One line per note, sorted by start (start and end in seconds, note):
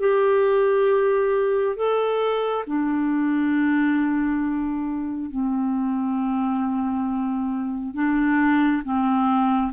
0.00 1.76 G4
1.77 2.65 A4
2.67 5.31 D4
5.31 7.95 C4
7.95 8.83 D4
8.84 9.73 C4